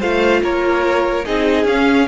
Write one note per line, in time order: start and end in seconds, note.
0.00 0.43 A3
0.00 1.24 F4
0.00 0.41 C5
0.00 0.43 F5
0.43 1.25 A#3
0.43 1.25 A#4
0.43 1.25 C#5
1.25 1.65 C4
1.25 1.67 D#4
1.25 2.07 G#4
1.25 1.66 D#5
1.65 2.06 C#4
1.65 2.08 C#4
1.65 2.08 F5